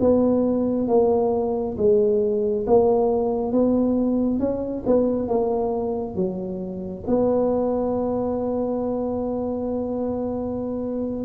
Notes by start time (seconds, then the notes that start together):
0.00 B3
0.88 A#3
1.77 G#3
2.66 A#3
3.52 B3
4.39 C#4
4.86 B3
5.28 A#3
6.16 F#3
7.07 B3